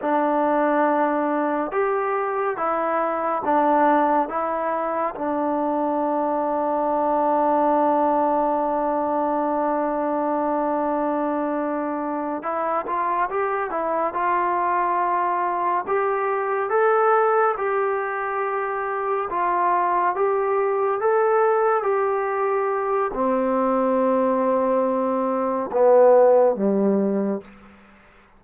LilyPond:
\new Staff \with { instrumentName = "trombone" } { \time 4/4 \tempo 4 = 70 d'2 g'4 e'4 | d'4 e'4 d'2~ | d'1~ | d'2~ d'8 e'8 f'8 g'8 |
e'8 f'2 g'4 a'8~ | a'8 g'2 f'4 g'8~ | g'8 a'4 g'4. c'4~ | c'2 b4 g4 | }